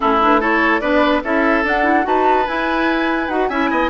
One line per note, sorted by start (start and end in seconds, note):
0.00 0.81 A3
0.00 0.19 C#4
0.00 0.40 E4
0.00 0.20 A4
0.21 0.40 D4
0.21 0.41 B4
0.40 0.81 E4
0.40 0.80 A4
0.40 0.80 C#5
0.80 1.22 B3
0.80 1.22 D4
0.80 1.21 B4
0.80 1.21 D5
1.23 1.64 C#4
1.23 1.64 E4
1.23 2.06 A4
1.23 1.65 E5
1.64 2.05 D4
1.64 1.83 D4
1.64 2.06 F#5
1.83 2.03 E4
2.03 2.47 D#4
2.03 2.44 F#4
2.03 3.49 B4
2.03 2.47 A5
2.47 3.29 E4
2.47 3.28 E4
2.47 3.28 G#5
3.28 3.49 D#4
3.28 3.50 F#4
3.28 3.48 F#5
3.48 3.70 C#4
3.48 3.89 E4
3.48 3.70 E5
3.48 3.89 G#5
3.70 3.89 B3
3.70 3.89 D#5